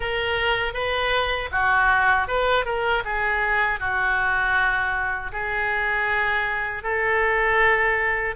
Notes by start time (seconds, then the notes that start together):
0.00 A#4
0.73 B4
1.51 F#4
2.27 B4
2.65 A#4
3.04 G#4
3.79 F#4
5.32 G#4
6.83 A4